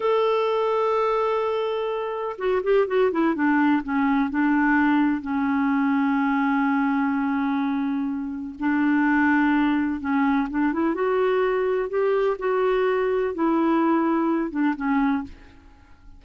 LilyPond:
\new Staff \with { instrumentName = "clarinet" } { \time 4/4 \tempo 4 = 126 a'1~ | a'4 fis'8 g'8 fis'8 e'8 d'4 | cis'4 d'2 cis'4~ | cis'1~ |
cis'2 d'2~ | d'4 cis'4 d'8 e'8 fis'4~ | fis'4 g'4 fis'2 | e'2~ e'8 d'8 cis'4 | }